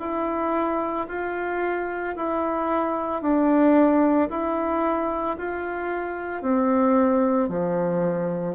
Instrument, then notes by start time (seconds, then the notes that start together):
bassoon
0.00 E4
1.08 F4
2.16 E4
3.22 D4
4.30 E4
5.38 F4
6.42 C4
7.49 F3